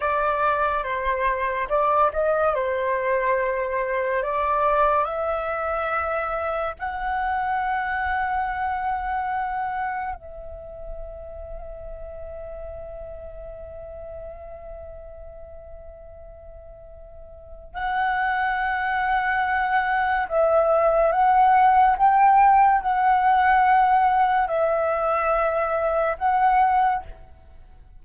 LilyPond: \new Staff \with { instrumentName = "flute" } { \time 4/4 \tempo 4 = 71 d''4 c''4 d''8 dis''8 c''4~ | c''4 d''4 e''2 | fis''1 | e''1~ |
e''1~ | e''4 fis''2. | e''4 fis''4 g''4 fis''4~ | fis''4 e''2 fis''4 | }